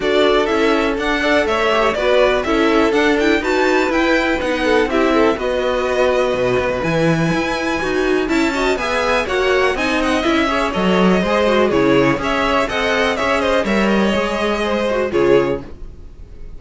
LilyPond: <<
  \new Staff \with { instrumentName = "violin" } { \time 4/4 \tempo 4 = 123 d''4 e''4 fis''4 e''4 | d''4 e''4 fis''8 g''8 a''4 | g''4 fis''4 e''4 dis''4~ | dis''2 gis''2~ |
gis''4 a''4 gis''4 fis''4 | gis''8 fis''8 e''4 dis''2 | cis''4 e''4 fis''4 e''8 dis''8 | e''8 dis''2~ dis''8 cis''4 | }
  \new Staff \with { instrumentName = "violin" } { \time 4/4 a'2~ a'8 d''8 cis''4 | b'4 a'2 b'4~ | b'4. a'8 g'8 a'8 b'4~ | b'1~ |
b'4 e''8 dis''8 e''4 cis''4 | dis''4. cis''4. c''4 | gis'4 cis''4 dis''4 cis''8 c''8 | cis''2 c''4 gis'4 | }
  \new Staff \with { instrumentName = "viola" } { \time 4/4 fis'4 e'4 d'8 a'4 g'8 | fis'4 e'4 d'8 e'8 fis'4 | e'4 dis'4 e'4 fis'4~ | fis'2 e'2 |
fis'4 e'8 fis'8 gis'4 fis'4 | dis'4 e'8 gis'8 a'4 gis'8 fis'8 | e'4 gis'4 a'4 gis'4 | ais'4 gis'4. fis'8 f'4 | }
  \new Staff \with { instrumentName = "cello" } { \time 4/4 d'4 cis'4 d'4 a4 | b4 cis'4 d'4 dis'4 | e'4 b4 c'4 b4~ | b4 b,8 b16 b,16 e4 e'4 |
dis'4 cis'4 b4 ais4 | c'4 cis'4 fis4 gis4 | cis4 cis'4 c'4 cis'4 | g4 gis2 cis4 | }
>>